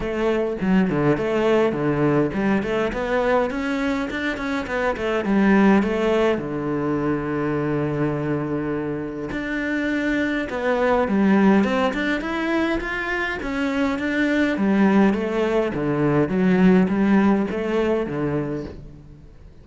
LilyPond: \new Staff \with { instrumentName = "cello" } { \time 4/4 \tempo 4 = 103 a4 fis8 d8 a4 d4 | g8 a8 b4 cis'4 d'8 cis'8 | b8 a8 g4 a4 d4~ | d1 |
d'2 b4 g4 | c'8 d'8 e'4 f'4 cis'4 | d'4 g4 a4 d4 | fis4 g4 a4 d4 | }